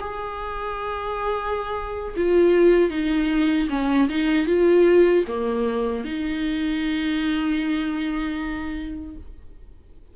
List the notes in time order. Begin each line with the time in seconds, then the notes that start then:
0.00 G#4
2.16 F4
2.90 D#4
3.69 C#4
4.09 D#4
4.46 F4
5.27 A#3
6.04 D#4